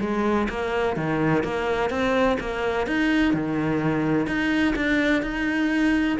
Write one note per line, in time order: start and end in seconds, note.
0.00 0.48 G#3
0.49 0.96 A#3
0.96 1.43 D#3
1.43 1.90 A#3
1.90 2.37 C4
2.40 2.87 A#3
2.87 3.33 D#4
3.33 4.26 D#3
4.26 4.74 D#4
4.75 5.22 D4
5.22 6.17 D#4